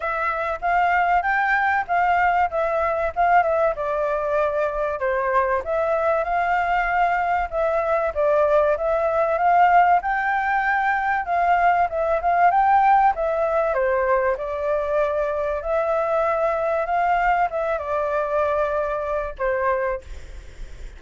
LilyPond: \new Staff \with { instrumentName = "flute" } { \time 4/4 \tempo 4 = 96 e''4 f''4 g''4 f''4 | e''4 f''8 e''8 d''2 | c''4 e''4 f''2 | e''4 d''4 e''4 f''4 |
g''2 f''4 e''8 f''8 | g''4 e''4 c''4 d''4~ | d''4 e''2 f''4 | e''8 d''2~ d''8 c''4 | }